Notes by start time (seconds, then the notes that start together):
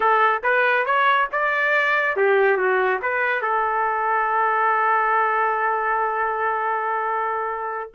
0.00 A4
0.43 B4
0.85 C#5
1.32 D5
2.16 G4
2.57 F#4
3.01 B4
3.41 A4